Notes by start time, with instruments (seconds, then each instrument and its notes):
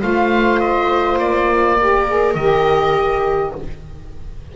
0.00 double bass A3, saxophone F4, viola C5, oboe F5
0.59 oboe D#5
1.18 double bass A#3, oboe D5
1.79 saxophone G4, viola A#4
2.07 saxophone G#4
2.34 double bass D#3, saxophone G4, oboe D#5